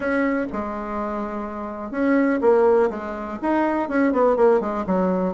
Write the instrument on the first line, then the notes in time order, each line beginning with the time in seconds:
bassoon
0.00 C#4
0.52 G#3
1.91 C#4
2.41 A#3
2.89 G#3
3.42 D#4
3.88 C#4
4.12 B3
4.36 A#3
4.60 G#3
4.86 F#3